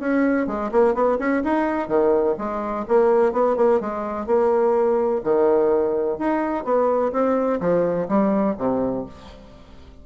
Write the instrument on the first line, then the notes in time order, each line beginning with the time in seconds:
bassoon
0.00 C#4
0.47 G#3
0.72 A#3
0.95 B3
1.19 C#4
1.44 D#4
1.88 D#3
2.38 G#3
2.88 A#3
3.33 B3
3.57 A#3
3.81 G#3
4.27 A#3
5.24 D#3
6.19 D#4
6.65 B3
7.13 C4
7.61 F3
8.09 G3
8.58 C3